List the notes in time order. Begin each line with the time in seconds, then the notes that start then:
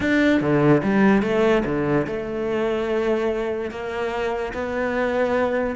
0.00 D4
0.41 D3
0.83 G3
1.22 A3
1.65 D3
2.06 A3
3.70 A#3
4.53 B3